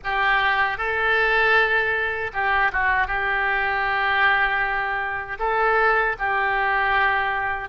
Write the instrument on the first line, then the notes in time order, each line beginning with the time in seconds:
oboe
0.04 G4
0.77 A4
2.33 G4
2.72 F#4
3.07 G4
5.39 A4
6.19 G4